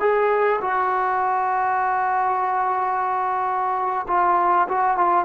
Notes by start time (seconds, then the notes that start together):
0.00 G#4
0.62 F#4
4.08 F4
4.69 F#4
4.97 F4